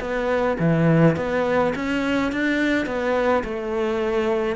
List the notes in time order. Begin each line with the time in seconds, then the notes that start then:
0.00 B3
0.59 E3
1.16 B3
1.75 C#4
2.32 D4
2.86 B3
3.44 A3